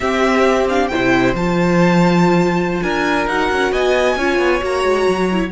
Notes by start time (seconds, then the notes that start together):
0.00 C4 G4 E5
0.68 D4 F5
0.88 E4 C5 G5
0.95 C3
1.34 F3 F4 A5
2.82 D4 A#4 G#5
3.26 D#4 F#4 F#5
3.52 C#4
3.71 B3 D#5 G#5
4.16 C#4 F4 C#5
4.38 B3
4.61 A#3 F#4 A#5
4.83 G#3
5.07 F#3
5.31 E4